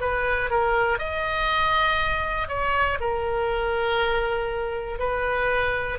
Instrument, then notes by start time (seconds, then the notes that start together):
oboe
0.00 B4
0.50 A#4
0.98 D#5
2.48 C#5
3.00 A#4
4.99 B4